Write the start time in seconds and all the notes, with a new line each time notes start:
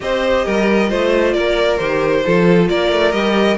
0.00 C4 G4 C5 D#5
0.45 G3 A#4
0.88 A3 F4 C5
1.32 A#3 A#4 D5
1.77 D#3 G4 C5
2.25 F3 F4 A4
2.69 A#3 A#4 D5
2.91 A3
3.12 G3 G4 D#5